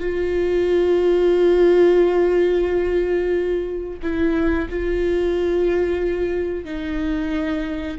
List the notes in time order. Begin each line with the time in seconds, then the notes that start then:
0.00 F4
4.03 E4
4.70 F4
6.65 D#4